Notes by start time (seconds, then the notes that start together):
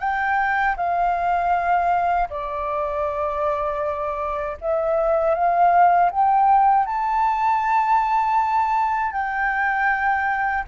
0.00 G5
0.77 F5
2.30 D5
4.61 E5
5.35 F5
6.12 G5
6.86 A5
9.13 G5